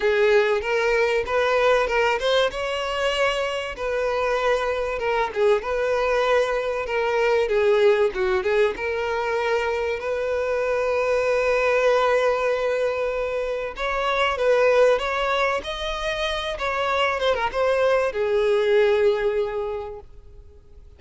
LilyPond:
\new Staff \with { instrumentName = "violin" } { \time 4/4 \tempo 4 = 96 gis'4 ais'4 b'4 ais'8 c''8 | cis''2 b'2 | ais'8 gis'8 b'2 ais'4 | gis'4 fis'8 gis'8 ais'2 |
b'1~ | b'2 cis''4 b'4 | cis''4 dis''4. cis''4 c''16 ais'16 | c''4 gis'2. | }